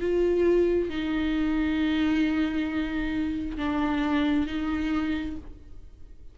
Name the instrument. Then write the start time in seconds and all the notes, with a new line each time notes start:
viola
0.00 F4
0.89 D#4
3.57 D4
4.47 D#4